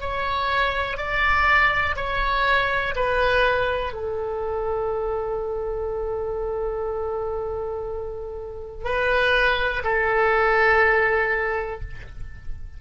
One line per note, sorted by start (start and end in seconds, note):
0.00 0.97 C#5
0.97 1.96 D5
1.96 2.94 C#5
2.96 3.93 B4
3.93 8.84 A4
8.84 9.83 B4
9.84 11.81 A4